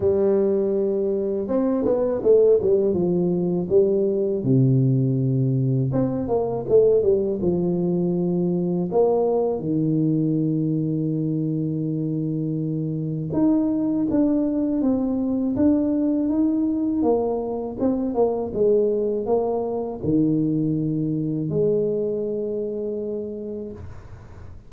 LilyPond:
\new Staff \with { instrumentName = "tuba" } { \time 4/4 \tempo 4 = 81 g2 c'8 b8 a8 g8 | f4 g4 c2 | c'8 ais8 a8 g8 f2 | ais4 dis2.~ |
dis2 dis'4 d'4 | c'4 d'4 dis'4 ais4 | c'8 ais8 gis4 ais4 dis4~ | dis4 gis2. | }